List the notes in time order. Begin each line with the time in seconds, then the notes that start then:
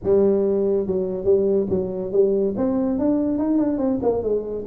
0.03 G3
0.86 F#3
1.24 G3
1.69 F#3
2.12 G3
2.57 C4
2.98 D4
3.38 D#4
3.58 D4
3.78 C4
4.02 A#3
4.23 G#3